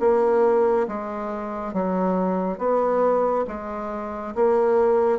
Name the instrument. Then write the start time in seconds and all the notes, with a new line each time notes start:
bassoon
0.00 A#3
0.88 G#3
1.73 F#3
2.58 B3
3.47 G#3
4.35 A#3